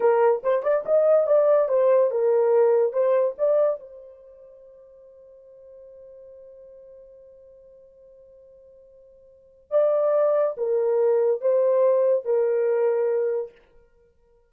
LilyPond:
\new Staff \with { instrumentName = "horn" } { \time 4/4 \tempo 4 = 142 ais'4 c''8 d''8 dis''4 d''4 | c''4 ais'2 c''4 | d''4 c''2.~ | c''1~ |
c''1~ | c''2. d''4~ | d''4 ais'2 c''4~ | c''4 ais'2. | }